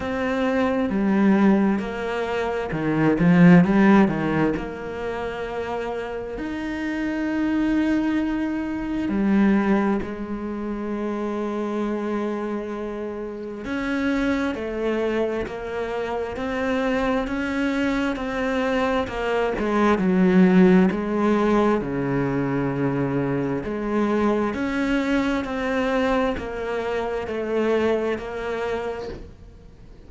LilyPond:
\new Staff \with { instrumentName = "cello" } { \time 4/4 \tempo 4 = 66 c'4 g4 ais4 dis8 f8 | g8 dis8 ais2 dis'4~ | dis'2 g4 gis4~ | gis2. cis'4 |
a4 ais4 c'4 cis'4 | c'4 ais8 gis8 fis4 gis4 | cis2 gis4 cis'4 | c'4 ais4 a4 ais4 | }